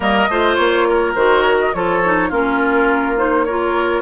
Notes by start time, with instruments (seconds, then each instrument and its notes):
0.00 bassoon G3, clarinet A#3, oboe A#4, flute D#5
0.28 bassoon A3, clarinet F4, oboe C5
0.55 bassoon A#3, flute C#5
0.88 oboe A#4
1.15 bassoon D#3, clarinet F#4, flute C5
1.42 flute C#5
1.60 flute D#5
1.73 bassoon F3, clarinet F4, oboe A4, flute C#5
2.03 clarinet D#4
2.29 bassoon A#3, clarinet C#4, oboe F4, flute A#4
3.17 clarinet D#4, flute C5
3.44 clarinet F4, oboe A#4, flute C#5